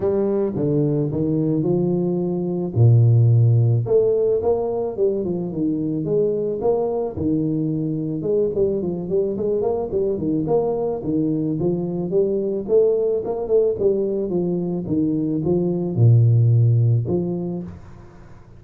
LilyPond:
\new Staff \with { instrumentName = "tuba" } { \time 4/4 \tempo 4 = 109 g4 d4 dis4 f4~ | f4 ais,2 a4 | ais4 g8 f8 dis4 gis4 | ais4 dis2 gis8 g8 |
f8 g8 gis8 ais8 g8 dis8 ais4 | dis4 f4 g4 a4 | ais8 a8 g4 f4 dis4 | f4 ais,2 f4 | }